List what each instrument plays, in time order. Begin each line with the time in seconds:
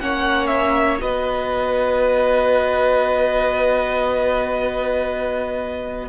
0.00 cello A#3, viola C#4, violin C#5 F#5
0.47 violin E5
0.99 cello B3, viola F#4, violin B4 D#5